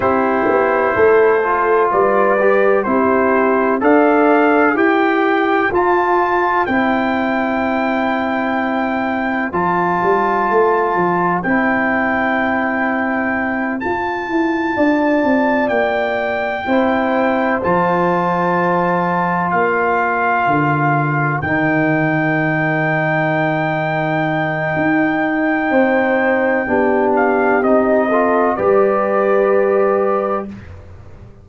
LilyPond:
<<
  \new Staff \with { instrumentName = "trumpet" } { \time 4/4 \tempo 4 = 63 c''2 d''4 c''4 | f''4 g''4 a''4 g''4~ | g''2 a''2 | g''2~ g''8 a''4.~ |
a''8 g''2 a''4.~ | a''8 f''2 g''4.~ | g''1~ | g''8 f''8 dis''4 d''2 | }
  \new Staff \with { instrumentName = "horn" } { \time 4/4 g'4 a'4 b'4 g'4 | d''4 c''2.~ | c''1~ | c''2.~ c''8 d''8~ |
d''4. c''2~ c''8~ | c''8 ais'2.~ ais'8~ | ais'2. c''4 | g'4. a'8 b'2 | }
  \new Staff \with { instrumentName = "trombone" } { \time 4/4 e'4. f'4 g'8 e'4 | a'4 g'4 f'4 e'4~ | e'2 f'2 | e'2~ e'8 f'4.~ |
f'4. e'4 f'4.~ | f'2~ f'8 dis'4.~ | dis'1 | d'4 dis'8 f'8 g'2 | }
  \new Staff \with { instrumentName = "tuba" } { \time 4/4 c'8 b8 a4 g4 c'4 | d'4 e'4 f'4 c'4~ | c'2 f8 g8 a8 f8 | c'2~ c'8 f'8 e'8 d'8 |
c'8 ais4 c'4 f4.~ | f8 ais4 d4 dis4.~ | dis2 dis'4 c'4 | b4 c'4 g2 | }
>>